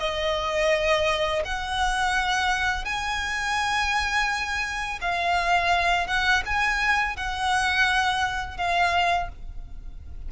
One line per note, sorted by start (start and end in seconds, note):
0.00 1.43 D#5
1.45 2.85 F#5
2.85 4.99 G#5
5.02 6.07 F5
6.07 6.43 F#5
6.46 7.17 G#5
7.17 8.57 F#5
8.57 9.29 F5